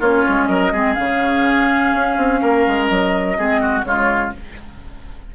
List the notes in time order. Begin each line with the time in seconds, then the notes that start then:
0.00 A#3 C#4 F4 C#5
0.29 G#3
0.46 F#3 A#4 D#5
0.72 G#3 C4 G#4
0.95 C#3 C#4 F5
1.93 C#4
2.18 C4
2.42 A#3 A#4
2.67 G#3
2.88 F#3 D#5
3.38 G#3 C4 G#4
3.61 F#4
3.84 C#3 G#3 F4 C#5